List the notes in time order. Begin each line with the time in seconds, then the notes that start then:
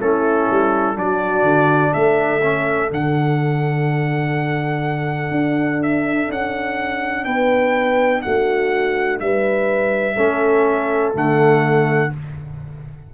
0.00 A3 C#4 E4 A4
0.51 G3
0.95 F#3 D4 F#4 D5
1.43 D3
1.93 A3 A4 E5
2.43 C#4
2.88 D3 D4 F#5
5.31 D4
5.83 E5
6.29 C#4 F#5
7.25 B3 B4 G5
8.22 A3 F#4 F#5
9.20 G3 B4 E5
10.16 A3 C#4 A4
11.14 D3 A3 F#5